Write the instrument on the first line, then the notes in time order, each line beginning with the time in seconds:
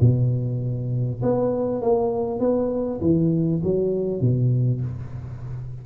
tuba
0.00 B2
1.22 B3
1.81 A#3
2.39 B3
3.01 E3
3.63 F#3
4.20 B2